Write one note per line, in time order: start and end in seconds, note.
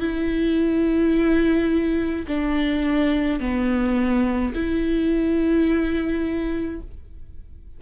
0.00 2.26 E4
2.27 3.40 D4
3.40 4.53 B3
4.54 6.81 E4